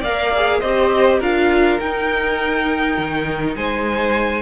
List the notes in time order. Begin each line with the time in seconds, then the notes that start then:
0.00 A#3 A#4 D5 F5
0.35 G#4
0.60 C4 G4 C5 D#5
1.19 D4 F4 A#4 F5
1.80 D#4 G5
2.97 D#3
3.55 G#3 C5 G#5